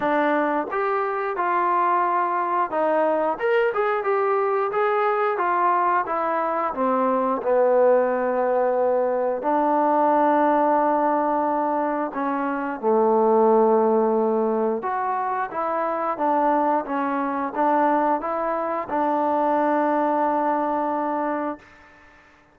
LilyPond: \new Staff \with { instrumentName = "trombone" } { \time 4/4 \tempo 4 = 89 d'4 g'4 f'2 | dis'4 ais'8 gis'8 g'4 gis'4 | f'4 e'4 c'4 b4~ | b2 d'2~ |
d'2 cis'4 a4~ | a2 fis'4 e'4 | d'4 cis'4 d'4 e'4 | d'1 | }